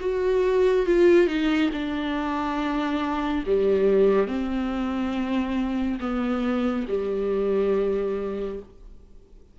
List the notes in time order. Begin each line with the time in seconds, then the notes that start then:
0.00 F#4
0.86 F4
1.27 D#4
1.73 D4
3.46 G3
4.27 C4
6.00 B3
6.88 G3